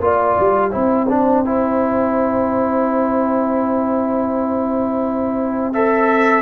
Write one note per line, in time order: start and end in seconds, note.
0.00 0.36 A#3
0.00 0.71 F4
0.00 0.70 D5
0.00 5.73 G5
0.39 0.74 G3
0.70 6.42 C4
0.70 1.07 E4
0.70 6.42 C5
1.09 1.45 D4
1.45 5.73 E4
5.73 6.42 A4
5.73 6.42 E5